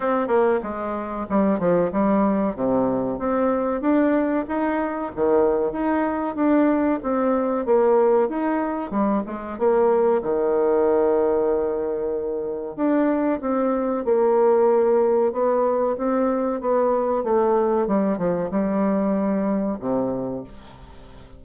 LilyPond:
\new Staff \with { instrumentName = "bassoon" } { \time 4/4 \tempo 4 = 94 c'8 ais8 gis4 g8 f8 g4 | c4 c'4 d'4 dis'4 | dis4 dis'4 d'4 c'4 | ais4 dis'4 g8 gis8 ais4 |
dis1 | d'4 c'4 ais2 | b4 c'4 b4 a4 | g8 f8 g2 c4 | }